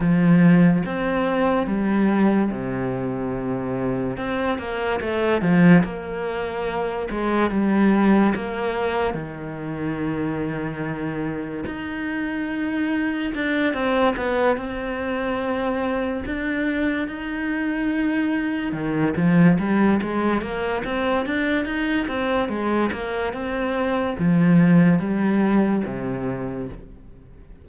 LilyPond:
\new Staff \with { instrumentName = "cello" } { \time 4/4 \tempo 4 = 72 f4 c'4 g4 c4~ | c4 c'8 ais8 a8 f8 ais4~ | ais8 gis8 g4 ais4 dis4~ | dis2 dis'2 |
d'8 c'8 b8 c'2 d'8~ | d'8 dis'2 dis8 f8 g8 | gis8 ais8 c'8 d'8 dis'8 c'8 gis8 ais8 | c'4 f4 g4 c4 | }